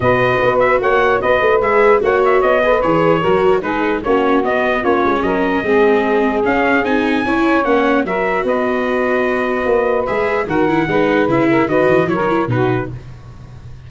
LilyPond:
<<
  \new Staff \with { instrumentName = "trumpet" } { \time 4/4 \tempo 4 = 149 dis''4. e''8 fis''4 dis''4 | e''4 fis''8 e''8 dis''4 cis''4~ | cis''4 b'4 cis''4 dis''4 | cis''4 dis''2. |
f''4 gis''2 fis''4 | e''4 dis''2.~ | dis''4 e''4 fis''2 | e''4 dis''4 cis''4 b'4 | }
  \new Staff \with { instrumentName = "saxophone" } { \time 4/4 b'2 cis''4 b'4~ | b'4 cis''4. b'4. | ais'4 gis'4 fis'2 | f'4 ais'4 gis'2~ |
gis'2 cis''2 | ais'4 b'2.~ | b'2 ais'4 b'4~ | b'8 ais'8 b'4 ais'4 fis'4 | }
  \new Staff \with { instrumentName = "viola" } { \time 4/4 fis'1 | gis'4 fis'4. gis'16 a'16 gis'4 | fis'4 dis'4 cis'4 b4 | cis'2 c'2 |
cis'4 dis'4 e'4 cis'4 | fis'1~ | fis'4 gis'4 fis'8 e'8 dis'4 | e'4 fis'4 e'16 dis'16 e'8 dis'4 | }
  \new Staff \with { instrumentName = "tuba" } { \time 4/4 b,4 b4 ais4 b8 a8 | gis4 ais4 b4 e4 | fis4 gis4 ais4 b4 | ais8 gis8 fis4 gis2 |
cis'4 c'4 cis'4 ais4 | fis4 b2. | ais4 gis4 dis4 gis4 | cis4 dis8 e8 fis4 b,4 | }
>>